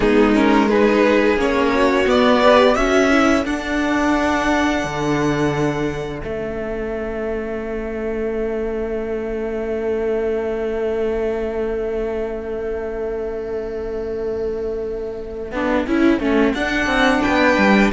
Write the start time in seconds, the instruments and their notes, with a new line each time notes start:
0.00 cello G#3, viola B3, violin D#4 G#4
0.34 viola C#4, violin A#4
0.69 viola D#4, violin G#4 B4
1.36 cello A#3, viola C#4, violin C#5
1.75 violin F#4
2.06 viola B3, cello B3, violin D5
2.42 viola G4, violin B4
2.74 cello C#4, viola F#4, violin A4 E5
3.11 viola E4
3.44 viola D4, cello D4, violin F#5
4.84 cello D3
6.19 cello A3, viola C#4, violin E5
15.51 cello B3, viola D4
15.86 cello C#4, viola E4
16.19 cello A3, viola C#4
16.54 cello D4, viola D4, violin F#5
16.86 cello C4
17.22 cello B3, violin B4 G5
17.57 cello G3